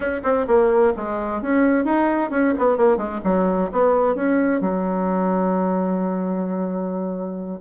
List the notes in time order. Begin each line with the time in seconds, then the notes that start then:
0.00 C#4
0.23 C4
0.47 A#3
0.96 G#3
1.41 C#4
1.84 D#4
2.30 C#4
2.58 B3
2.77 A#3
2.97 G#3
3.24 F#3
3.72 B3
4.15 C#4
4.60 F#3